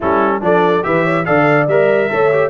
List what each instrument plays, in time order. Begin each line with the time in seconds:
0.00 tuba G3, trombone C#4, horn E4, trumpet A4
0.41 tuba F3, trombone D4, horn A4, trumpet D5
0.82 tuba E3, trombone G4, horn B4, trumpet E5
1.03 horn C#5
1.25 tuba D3, trombone A4, horn D5, trumpet F5
1.67 tuba G3, trombone A#4, trumpet E5
2.10 tuba A3, trombone A4, horn C#5
2.32 trombone G4